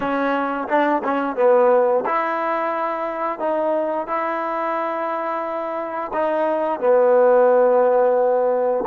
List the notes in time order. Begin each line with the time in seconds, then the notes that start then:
0.00 C#4
0.68 D4
1.04 C#4
1.36 B3
2.05 E4
3.39 D#4
4.07 E4
6.13 D#4
6.80 B3